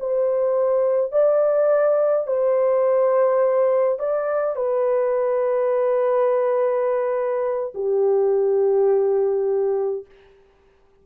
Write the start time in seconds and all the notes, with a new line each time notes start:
0.00 C5
1.12 D5
2.27 C5
3.99 D5
4.56 B4
7.75 G4